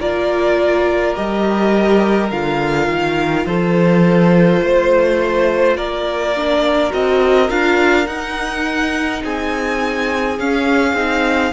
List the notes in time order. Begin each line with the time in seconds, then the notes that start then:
0.00 A#3 F4 A#4 D5
1.15 G3 G4 D#5
2.31 D3 F4 F5
2.88 D#3
3.46 F3 A4 C5
4.62 A3 C5
5.77 A#3 A#4 D5
6.36 D4
6.90 C4 F#4 D#5
7.49 D4 F4 F5
8.07 D#4 F#5
9.24 C4 G#4 G#5
10.39 C#4 F5
10.93 C4 D#4